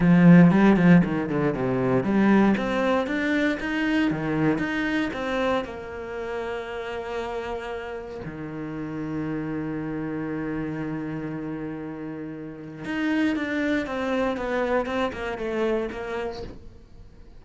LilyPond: \new Staff \with { instrumentName = "cello" } { \time 4/4 \tempo 4 = 117 f4 g8 f8 dis8 d8 c4 | g4 c'4 d'4 dis'4 | dis4 dis'4 c'4 ais4~ | ais1 |
dis1~ | dis1~ | dis4 dis'4 d'4 c'4 | b4 c'8 ais8 a4 ais4 | }